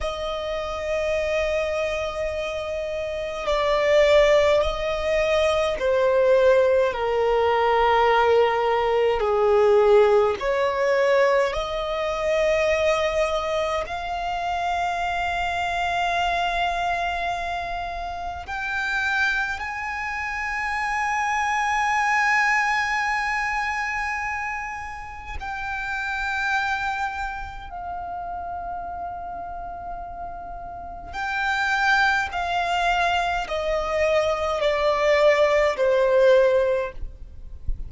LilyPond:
\new Staff \with { instrumentName = "violin" } { \time 4/4 \tempo 4 = 52 dis''2. d''4 | dis''4 c''4 ais'2 | gis'4 cis''4 dis''2 | f''1 |
g''4 gis''2.~ | gis''2 g''2 | f''2. g''4 | f''4 dis''4 d''4 c''4 | }